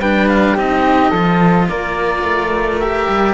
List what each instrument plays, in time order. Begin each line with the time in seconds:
0.00 cello G3 D4, flute B4, oboe G5
0.29 oboe F5
0.54 cello C4 D#4, flute G4, oboe D#5
1.10 cello F3 F4, flute A4
1.70 cello A#3, flute A#4, oboe D5
2.23 cello A3
2.80 cello G4, oboe E5
3.09 cello G3